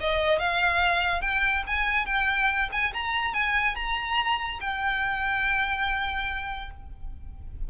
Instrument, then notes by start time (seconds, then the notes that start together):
violin
0.00 D#5
0.39 F5
1.21 G5
1.67 G#5
2.06 G5
2.72 G#5
2.93 A#5
3.34 G#5
3.75 A#5
4.60 G5